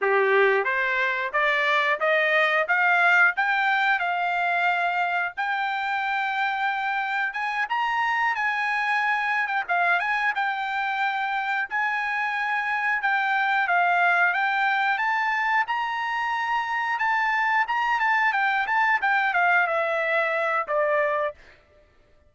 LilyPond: \new Staff \with { instrumentName = "trumpet" } { \time 4/4 \tempo 4 = 90 g'4 c''4 d''4 dis''4 | f''4 g''4 f''2 | g''2. gis''8 ais''8~ | ais''8 gis''4.~ gis''16 g''16 f''8 gis''8 g''8~ |
g''4. gis''2 g''8~ | g''8 f''4 g''4 a''4 ais''8~ | ais''4. a''4 ais''8 a''8 g''8 | a''8 g''8 f''8 e''4. d''4 | }